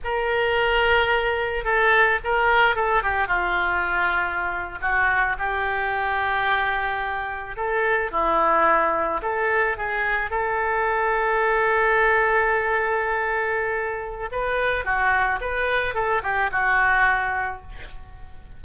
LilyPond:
\new Staff \with { instrumentName = "oboe" } { \time 4/4 \tempo 4 = 109 ais'2. a'4 | ais'4 a'8 g'8 f'2~ | f'8. fis'4 g'2~ g'16~ | g'4.~ g'16 a'4 e'4~ e'16~ |
e'8. a'4 gis'4 a'4~ a'16~ | a'1~ | a'2 b'4 fis'4 | b'4 a'8 g'8 fis'2 | }